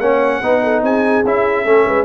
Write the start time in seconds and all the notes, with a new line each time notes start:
0.00 A#3 C#4 C#5 F#5
0.41 B3 D#4 B4
0.63 A4
0.82 C4 G#4 G#5
1.25 C#4 E4 E5
1.65 A3 C#4 A4
1.86 G#3 B4